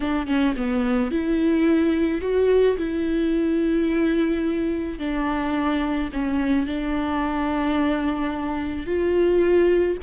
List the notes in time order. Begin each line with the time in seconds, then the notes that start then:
0.00 D4
0.26 C#4
0.56 B3
1.11 E4
2.21 F#4
2.77 E4
4.98 D4
6.13 C#4
6.66 D4
8.86 F4